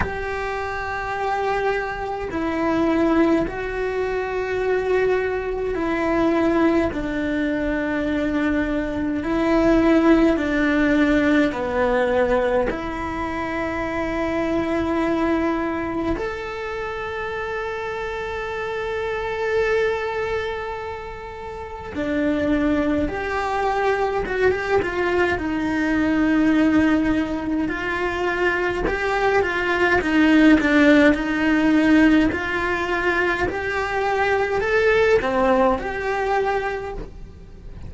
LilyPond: \new Staff \with { instrumentName = "cello" } { \time 4/4 \tempo 4 = 52 g'2 e'4 fis'4~ | fis'4 e'4 d'2 | e'4 d'4 b4 e'4~ | e'2 a'2~ |
a'2. d'4 | g'4 fis'16 g'16 f'8 dis'2 | f'4 g'8 f'8 dis'8 d'8 dis'4 | f'4 g'4 a'8 c'8 g'4 | }